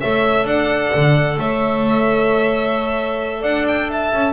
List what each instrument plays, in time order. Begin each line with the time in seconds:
0.00 double bass A3, clarinet A4, horn C#5, violin E5
0.44 double bass D4, horn D5, violin F#5
0.95 double bass D3
1.37 double bass A3, horn C#5, violin E5
3.40 double bass D4, horn D5, violin F#5
3.68 violin G5
3.89 horn E5, violin A5
4.13 double bass C#4